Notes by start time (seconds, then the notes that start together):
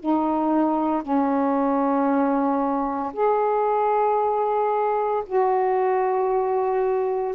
0.00 D#4
1.03 C#4
3.13 G#4
5.26 F#4